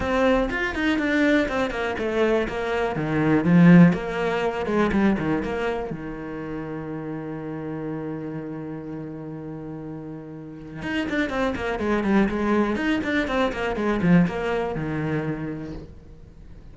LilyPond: \new Staff \with { instrumentName = "cello" } { \time 4/4 \tempo 4 = 122 c'4 f'8 dis'8 d'4 c'8 ais8 | a4 ais4 dis4 f4 | ais4. gis8 g8 dis8 ais4 | dis1~ |
dis1~ | dis2 dis'8 d'8 c'8 ais8 | gis8 g8 gis4 dis'8 d'8 c'8 ais8 | gis8 f8 ais4 dis2 | }